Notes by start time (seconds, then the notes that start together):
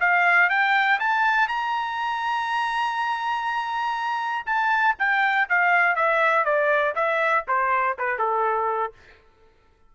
0.00 F5
0.50 G5
1.00 A5
1.48 A#5
4.46 A5
4.99 G5
5.49 F5
5.96 E5
6.45 D5
6.95 E5
7.47 C5
7.98 B4
8.18 A4